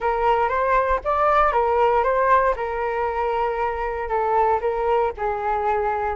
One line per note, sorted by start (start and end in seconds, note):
0.00 0.48 A#4
0.48 1.00 C5
1.04 1.52 D5
1.52 2.03 A#4
2.03 2.55 C5
2.56 4.08 A#4
4.08 4.60 A4
4.61 5.12 A#4
5.17 6.15 G#4